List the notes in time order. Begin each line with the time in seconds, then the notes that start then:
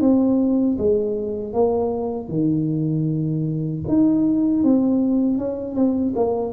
0.00 C4
0.78 G#3
1.53 A#3
2.28 D#3
3.87 D#4
4.63 C4
5.37 C#4
5.75 C4
6.15 A#3